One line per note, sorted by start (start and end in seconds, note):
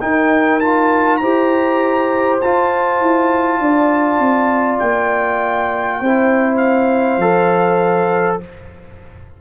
0.00 0.60 D#4
0.00 1.21 D#4
0.00 1.20 A#4
0.00 0.59 G5
0.59 1.21 F4
0.59 1.16 A5
1.16 2.41 E4
1.16 2.41 G4
1.16 3.60 C5
1.16 2.36 A#5
2.40 3.00 F4
2.40 6.04 F4
2.40 4.79 A5
3.00 3.59 E4
3.59 4.18 D4
3.59 6.00 D5
4.18 4.78 C4
4.79 6.00 A#3
4.79 6.57 G5
6.00 7.17 C4
6.00 7.20 E4
6.00 8.40 C5
6.57 8.37 F5
7.17 8.37 F3
7.17 8.40 A4